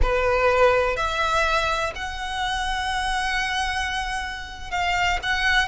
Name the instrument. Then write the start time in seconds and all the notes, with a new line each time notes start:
violin
0.02 B4
0.96 E5
1.95 F#5
4.70 F5
5.23 F#5